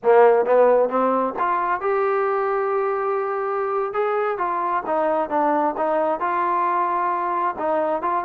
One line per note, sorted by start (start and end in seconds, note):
0.03 0.45 A#3
0.45 0.89 B3
0.89 1.34 C4
1.38 1.80 F4
1.80 3.93 G4
3.93 4.38 G#4
4.38 4.83 F4
4.86 5.29 D#4
5.29 5.74 D4
5.77 6.19 D#4
6.19 7.55 F4
7.58 8.01 D#4
8.01 8.24 F4